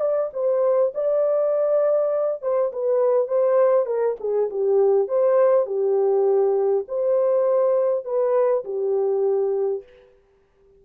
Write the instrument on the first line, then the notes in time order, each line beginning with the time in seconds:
horn
0.00 D5
0.33 C5
0.94 D5
2.42 C5
2.72 B4
3.28 C5
3.86 A#4
4.20 G#4
4.50 G4
5.08 C5
5.66 G4
6.88 C5
8.04 B4
8.64 G4